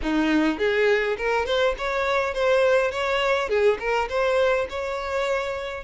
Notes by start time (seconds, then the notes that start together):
0.02 D#4
0.58 G#4
1.17 A#4
1.45 C5
1.78 C#5
2.34 C5
2.91 C#5
3.48 G#4
3.79 A#4
4.09 C5
4.69 C#5